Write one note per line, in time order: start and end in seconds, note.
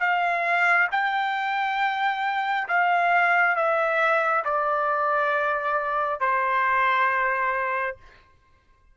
0.00 0.88 F5
0.92 2.68 G5
2.68 3.56 F5
3.56 4.44 E5
4.45 6.20 D5
6.20 7.97 C5